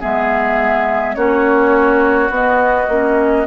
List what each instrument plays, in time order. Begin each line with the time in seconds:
0.00 bassoon G#3, clarinet B3, oboe G#4, flute E5
1.15 bassoon A#3, clarinet C#4, oboe F#4, flute C#5
2.30 bassoon B3, clarinet B3, flute D#5
2.88 bassoon A#3, clarinet C#4